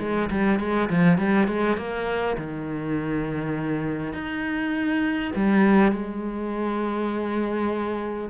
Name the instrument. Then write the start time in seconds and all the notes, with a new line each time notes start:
cello
0.00 G#3
0.31 G3
0.60 G#3
0.90 F3
1.18 G3
1.48 G#3
1.77 A#3
2.37 D#3
4.13 D#4
5.35 G3
5.92 G#3